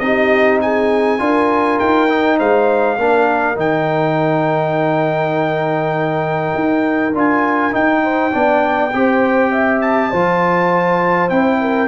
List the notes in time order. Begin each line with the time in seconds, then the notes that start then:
0.00 C4 D#4 G4 D#5
0.62 G#4 G#5
1.19 D4 F4 A#4
1.79 D#4 G5
2.09 D#4
2.38 G#3 C5 F5
2.98 A#3 D4 A#4
3.56 D#3 D#4 G5
6.55 D#4
7.14 D4 F4 G#5
7.72 D#4 G5
8.04 C5
8.32 B3 D4 D5
8.94 C4 G4 C5
9.52 E5
9.82 A5
10.11 F3 F4 C5
11.29 C4 E4 G5
11.61 A#4